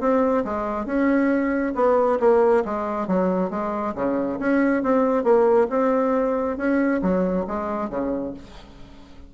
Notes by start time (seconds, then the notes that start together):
0.00 C4
0.44 G#3
0.85 C#4
1.75 B3
2.20 A#3
2.65 G#3
3.07 F#3
3.50 G#3
3.95 C#3
4.39 C#4
4.83 C4
5.23 A#3
5.70 C4
6.57 C#4
7.02 F#3
7.47 G#3
7.90 C#3